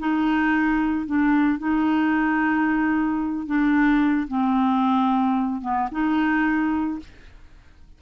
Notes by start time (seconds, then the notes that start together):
0.00 D#4
1.07 D4
1.59 D#4
3.47 D4
4.28 C4
5.62 B3
5.92 D#4